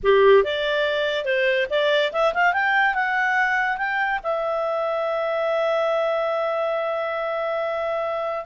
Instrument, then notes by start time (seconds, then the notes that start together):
clarinet
0.03 G4
0.43 D5
1.24 C5
1.70 D5
2.12 E5
2.34 F5
2.53 G5
2.94 F#5
3.77 G5
4.23 E5